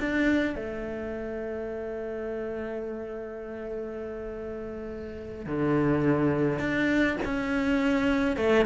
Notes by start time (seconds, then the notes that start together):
0.00 D4
0.55 A3
5.46 D3
6.59 D4
7.25 C#4
8.37 A3